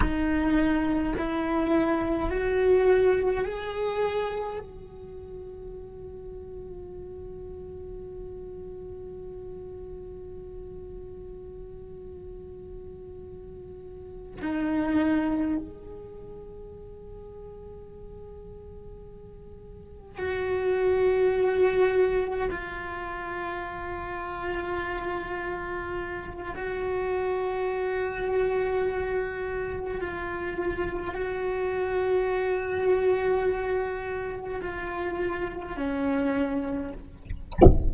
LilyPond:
\new Staff \with { instrumentName = "cello" } { \time 4/4 \tempo 4 = 52 dis'4 e'4 fis'4 gis'4 | fis'1~ | fis'1~ | fis'8 dis'4 gis'2~ gis'8~ |
gis'4. fis'2 f'8~ | f'2. fis'4~ | fis'2 f'4 fis'4~ | fis'2 f'4 cis'4 | }